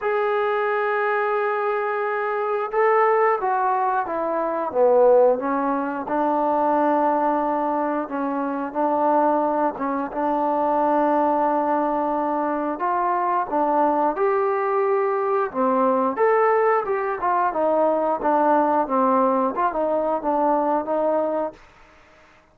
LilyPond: \new Staff \with { instrumentName = "trombone" } { \time 4/4 \tempo 4 = 89 gis'1 | a'4 fis'4 e'4 b4 | cis'4 d'2. | cis'4 d'4. cis'8 d'4~ |
d'2. f'4 | d'4 g'2 c'4 | a'4 g'8 f'8 dis'4 d'4 | c'4 f'16 dis'8. d'4 dis'4 | }